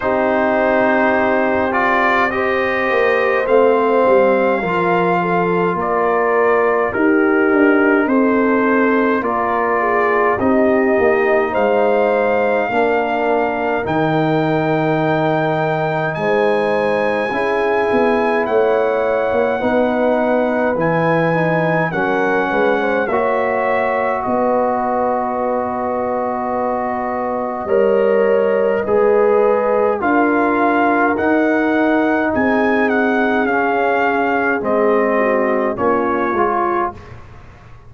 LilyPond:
<<
  \new Staff \with { instrumentName = "trumpet" } { \time 4/4 \tempo 4 = 52 c''4. d''8 dis''4 f''4~ | f''4 d''4 ais'4 c''4 | d''4 dis''4 f''2 | g''2 gis''2 |
fis''2 gis''4 fis''4 | e''4 dis''2.~ | dis''2 f''4 fis''4 | gis''8 fis''8 f''4 dis''4 cis''4 | }
  \new Staff \with { instrumentName = "horn" } { \time 4/4 g'2 c''2 | ais'8 a'8 ais'4 g'4 a'4 | ais'8 gis'8 g'4 c''4 ais'4~ | ais'2 c''4 gis'4 |
cis''4 b'2 ais'8 b'16 c''16 | cis''4 b'2. | cis''4 b'4 ais'2 | gis'2~ gis'8 fis'8 f'4 | }
  \new Staff \with { instrumentName = "trombone" } { \time 4/4 dis'4. f'8 g'4 c'4 | f'2 dis'2 | f'4 dis'2 d'4 | dis'2. e'4~ |
e'4 dis'4 e'8 dis'8 cis'4 | fis'1 | ais'4 gis'4 f'4 dis'4~ | dis'4 cis'4 c'4 cis'8 f'8 | }
  \new Staff \with { instrumentName = "tuba" } { \time 4/4 c'2~ c'8 ais8 a8 g8 | f4 ais4 dis'8 d'8 c'4 | ais4 c'8 ais8 gis4 ais4 | dis2 gis4 cis'8 b8 |
a8. ais16 b4 e4 fis8 gis8 | ais4 b2. | g4 gis4 d'4 dis'4 | c'4 cis'4 gis4 ais8 gis8 | }
>>